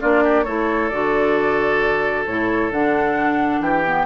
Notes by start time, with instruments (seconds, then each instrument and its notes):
0.00 bassoon A#3, clarinet D4, oboe F4, flute D5
0.23 oboe G4
0.44 bassoon A3, clarinet E4, oboe A4, flute C#5
0.89 bassoon D3, clarinet F#4, flute D5
2.26 bassoon A2, clarinet E4, flute C#5
2.71 bassoon D3, clarinet D4, flute F#5
3.60 bassoon E3, oboe G4, flute G5
3.85 clarinet B3